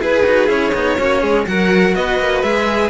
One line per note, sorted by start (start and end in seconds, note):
0.00 0.24 E4
0.00 0.97 G#4
0.00 0.24 G#4
0.00 0.50 B4
0.24 0.49 D#4
0.24 0.47 F#4
0.47 0.73 C#4
0.47 0.71 E4
0.47 1.46 C#5
0.73 0.98 B3
0.73 0.98 D#4
0.98 1.23 A#3
0.98 1.46 C#4
0.98 1.21 F#4
1.21 1.47 G#3
1.21 1.45 G#4
1.47 1.95 F#3
1.47 2.44 F#4
1.47 1.95 A#4
1.47 1.95 F#5
1.95 2.19 B3
1.95 2.90 B4
1.95 2.42 D#5
2.19 2.43 A#3
2.42 2.90 G#3
2.42 2.90 G#4
2.42 2.90 E5